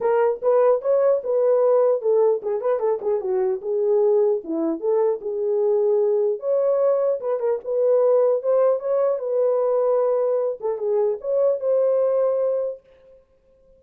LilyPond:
\new Staff \with { instrumentName = "horn" } { \time 4/4 \tempo 4 = 150 ais'4 b'4 cis''4 b'4~ | b'4 a'4 gis'8 b'8 a'8 gis'8 | fis'4 gis'2 e'4 | a'4 gis'2. |
cis''2 b'8 ais'8 b'4~ | b'4 c''4 cis''4 b'4~ | b'2~ b'8 a'8 gis'4 | cis''4 c''2. | }